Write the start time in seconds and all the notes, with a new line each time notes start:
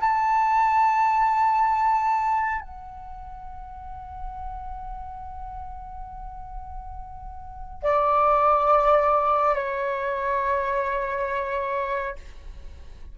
0.00 A5
2.60 F#5
7.83 D5
9.54 C#5